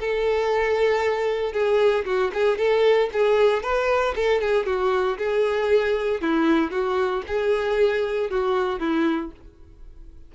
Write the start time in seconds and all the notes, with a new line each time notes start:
0.00 A4
1.53 G#4
2.05 F#4
2.34 G#4
2.58 A4
3.13 G#4
3.63 B4
4.16 A4
4.41 G#4
4.66 F#4
5.18 G#4
6.21 E4
6.71 F#4
7.27 G#4
8.31 F#4
8.80 E4